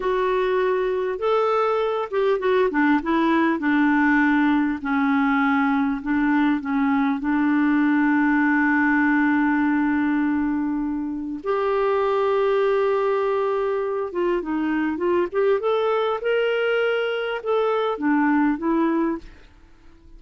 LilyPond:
\new Staff \with { instrumentName = "clarinet" } { \time 4/4 \tempo 4 = 100 fis'2 a'4. g'8 | fis'8 d'8 e'4 d'2 | cis'2 d'4 cis'4 | d'1~ |
d'2. g'4~ | g'2.~ g'8 f'8 | dis'4 f'8 g'8 a'4 ais'4~ | ais'4 a'4 d'4 e'4 | }